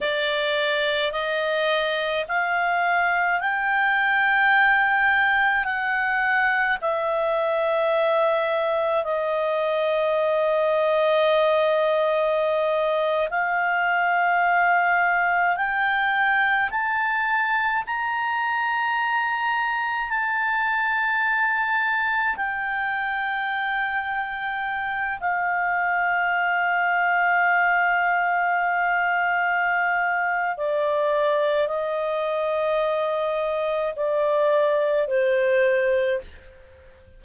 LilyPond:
\new Staff \with { instrumentName = "clarinet" } { \time 4/4 \tempo 4 = 53 d''4 dis''4 f''4 g''4~ | g''4 fis''4 e''2 | dis''2.~ dis''8. f''16~ | f''4.~ f''16 g''4 a''4 ais''16~ |
ais''4.~ ais''16 a''2 g''16~ | g''2~ g''16 f''4.~ f''16~ | f''2. d''4 | dis''2 d''4 c''4 | }